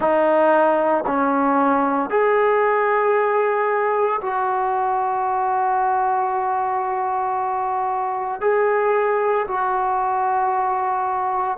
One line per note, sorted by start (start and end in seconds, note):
0.00 1.04 D#4
1.06 2.10 C#4
2.10 4.20 G#4
4.21 8.41 F#4
8.41 9.46 G#4
9.47 11.57 F#4